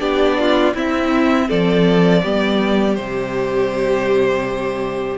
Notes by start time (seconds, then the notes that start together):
0.00 B3 D4 G4 D5
0.40 F4
0.74 C4 E4 E5
1.48 F3 A4 D5
2.23 G3 B3 G4
2.96 C3 G3 C5